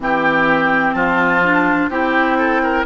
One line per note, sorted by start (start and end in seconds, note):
0.00 0.93 E3
0.00 1.43 C4
0.00 0.95 G4
0.00 0.93 G5
0.93 1.88 F3
0.93 1.89 F4
0.93 1.88 A5
1.43 1.90 D4
1.88 2.84 C4
1.88 2.85 E4
1.88 2.37 G4
1.88 2.85 G5
2.37 2.61 A4
2.62 2.86 A#4